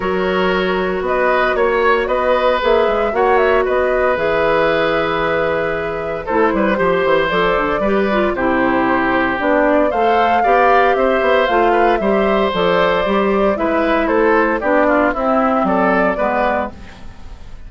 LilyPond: <<
  \new Staff \with { instrumentName = "flute" } { \time 4/4 \tempo 4 = 115 cis''2 dis''4 cis''4 | dis''4 e''4 fis''8 e''8 dis''4 | e''1 | c''2 d''2 |
c''2 d''4 f''4~ | f''4 e''4 f''4 e''4 | d''2 e''4 c''4 | d''4 e''4 d''2 | }
  \new Staff \with { instrumentName = "oboe" } { \time 4/4 ais'2 b'4 cis''4 | b'2 cis''4 b'4~ | b'1 | a'8 b'8 c''2 b'4 |
g'2. c''4 | d''4 c''4. b'8 c''4~ | c''2 b'4 a'4 | g'8 f'8 e'4 a'4 b'4 | }
  \new Staff \with { instrumentName = "clarinet" } { \time 4/4 fis'1~ | fis'4 gis'4 fis'2 | gis'1 | e'4 g'4 a'4 g'8 f'8 |
e'2 d'4 a'4 | g'2 f'4 g'4 | a'4 g'4 e'2 | d'4 c'2 b4 | }
  \new Staff \with { instrumentName = "bassoon" } { \time 4/4 fis2 b4 ais4 | b4 ais8 gis8 ais4 b4 | e1 | a8 g8 f8 e8 f8 d8 g4 |
c2 b4 a4 | b4 c'8 b8 a4 g4 | f4 g4 gis4 a4 | b4 c'4 fis4 gis4 | }
>>